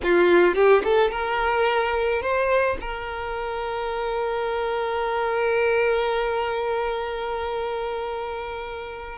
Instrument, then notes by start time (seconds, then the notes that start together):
violin
0.03 F4
0.54 G4
0.83 A4
1.11 A#4
2.21 C5
2.80 A#4